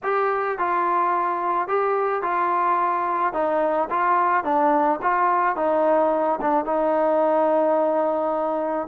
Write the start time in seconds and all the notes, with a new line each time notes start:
0.03 G4
0.58 F4
1.67 G4
2.22 F4
3.33 D#4
3.89 F4
4.44 D4
5.02 F4
5.56 D#4
6.41 D4
6.65 D#4